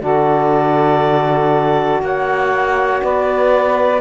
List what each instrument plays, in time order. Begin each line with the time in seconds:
0.00 cello D3, saxophone F#4 A4, clarinet D5
2.01 cello A#3, saxophone C#5, clarinet F#5
3.03 cello B3, saxophone B4, clarinet D5